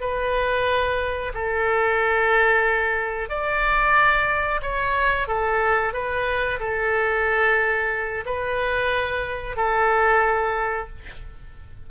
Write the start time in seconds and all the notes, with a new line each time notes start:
0.00 B4
1.34 A4
3.29 D5
4.62 C#5
5.27 A4
5.93 B4
6.59 A4
8.25 B4
9.56 A4